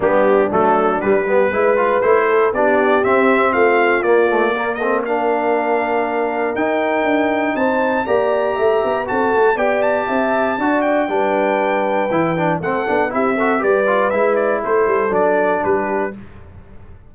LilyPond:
<<
  \new Staff \with { instrumentName = "trumpet" } { \time 4/4 \tempo 4 = 119 g'4 a'4 b'2 | c''4 d''4 e''4 f''4 | d''4. dis''8 f''2~ | f''4 g''2 a''4 |
ais''2 a''4 g''8 a''8~ | a''4. g''2~ g''8~ | g''4 fis''4 e''4 d''4 | e''8 d''8 c''4 d''4 b'4 | }
  \new Staff \with { instrumentName = "horn" } { \time 4/4 d'2~ d'8 g'8 b'4~ | b'8 a'8 g'2 f'4~ | f'4 ais'8 a'8 ais'2~ | ais'2. c''4 |
d''4 e''4 a'4 d''4 | e''4 d''4 b'2~ | b'4 a'4 g'8 a'8 b'4~ | b'4 a'2 g'4 | }
  \new Staff \with { instrumentName = "trombone" } { \time 4/4 b4 a4 g8 b8 e'8 f'8 | e'4 d'4 c'2 | ais8 a8 ais8 c'8 d'2~ | d'4 dis'2. |
g'2 fis'4 g'4~ | g'4 fis'4 d'2 | e'8 d'8 c'8 d'8 e'8 fis'8 g'8 f'8 | e'2 d'2 | }
  \new Staff \with { instrumentName = "tuba" } { \time 4/4 g4 fis4 g4 gis4 | a4 b4 c'4 a4 | ais1~ | ais4 dis'4 d'4 c'4 |
ais4 a8 b8 c'8 a8 b4 | c'4 d'4 g2 | e4 a8 b8 c'4 g4 | gis4 a8 g8 fis4 g4 | }
>>